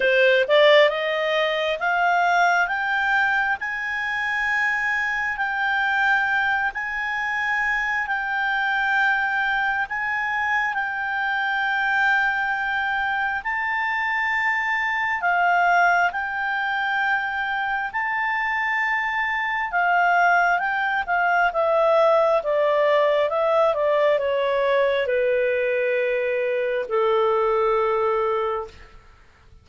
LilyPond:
\new Staff \with { instrumentName = "clarinet" } { \time 4/4 \tempo 4 = 67 c''8 d''8 dis''4 f''4 g''4 | gis''2 g''4. gis''8~ | gis''4 g''2 gis''4 | g''2. a''4~ |
a''4 f''4 g''2 | a''2 f''4 g''8 f''8 | e''4 d''4 e''8 d''8 cis''4 | b'2 a'2 | }